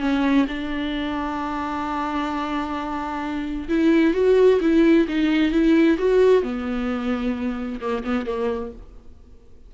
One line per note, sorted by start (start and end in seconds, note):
0.00 0.46 C#4
0.48 3.68 D4
3.69 4.14 E4
4.14 4.60 F#4
4.61 5.07 E4
5.08 5.52 D#4
5.52 5.98 E4
5.98 6.43 F#4
6.43 7.80 B3
7.81 8.04 A#3
8.04 8.27 B3
8.27 8.72 A#3